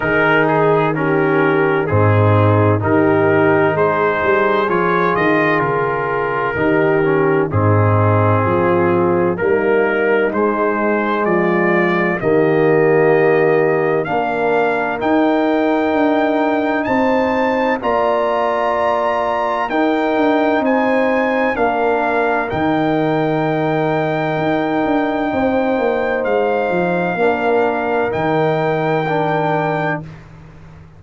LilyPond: <<
  \new Staff \with { instrumentName = "trumpet" } { \time 4/4 \tempo 4 = 64 ais'8 gis'8 ais'4 gis'4 ais'4 | c''4 cis''8 dis''8 ais'2 | gis'2 ais'4 c''4 | d''4 dis''2 f''4 |
g''2 a''4 ais''4~ | ais''4 g''4 gis''4 f''4 | g''1 | f''2 g''2 | }
  \new Staff \with { instrumentName = "horn" } { \time 4/4 gis'4 g'4 dis'4 g'4 | gis'2. g'4 | dis'4 f'4 dis'2 | f'4 g'2 ais'4~ |
ais'2 c''4 d''4~ | d''4 ais'4 c''4 ais'4~ | ais'2. c''4~ | c''4 ais'2. | }
  \new Staff \with { instrumentName = "trombone" } { \time 4/4 dis'4 cis'4 c'4 dis'4~ | dis'4 f'2 dis'8 cis'8 | c'2 ais4 gis4~ | gis4 ais2 d'4 |
dis'2. f'4~ | f'4 dis'2 d'4 | dis'1~ | dis'4 d'4 dis'4 d'4 | }
  \new Staff \with { instrumentName = "tuba" } { \time 4/4 dis2 gis,4 dis4 | gis8 g8 f8 dis8 cis4 dis4 | gis,4 f4 g4 gis4 | f4 dis2 ais4 |
dis'4 d'4 c'4 ais4~ | ais4 dis'8 d'8 c'4 ais4 | dis2 dis'8 d'8 c'8 ais8 | gis8 f8 ais4 dis2 | }
>>